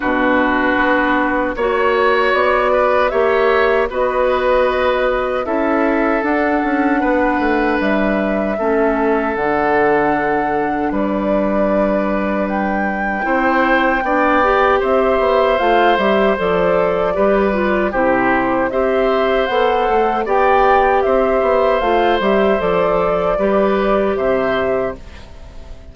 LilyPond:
<<
  \new Staff \with { instrumentName = "flute" } { \time 4/4 \tempo 4 = 77 b'2 cis''4 d''4 | e''4 dis''2 e''4 | fis''2 e''2 | fis''2 d''2 |
g''2. e''4 | f''8 e''8 d''2 c''4 | e''4 fis''4 g''4 e''4 | f''8 e''8 d''2 e''4 | }
  \new Staff \with { instrumentName = "oboe" } { \time 4/4 fis'2 cis''4. b'8 | cis''4 b'2 a'4~ | a'4 b'2 a'4~ | a'2 b'2~ |
b'4 c''4 d''4 c''4~ | c''2 b'4 g'4 | c''2 d''4 c''4~ | c''2 b'4 c''4 | }
  \new Staff \with { instrumentName = "clarinet" } { \time 4/4 d'2 fis'2 | g'4 fis'2 e'4 | d'2. cis'4 | d'1~ |
d'4 e'4 d'8 g'4. | f'8 g'8 a'4 g'8 f'8 e'4 | g'4 a'4 g'2 | f'8 g'8 a'4 g'2 | }
  \new Staff \with { instrumentName = "bassoon" } { \time 4/4 b,4 b4 ais4 b4 | ais4 b2 cis'4 | d'8 cis'8 b8 a8 g4 a4 | d2 g2~ |
g4 c'4 b4 c'8 b8 | a8 g8 f4 g4 c4 | c'4 b8 a8 b4 c'8 b8 | a8 g8 f4 g4 c4 | }
>>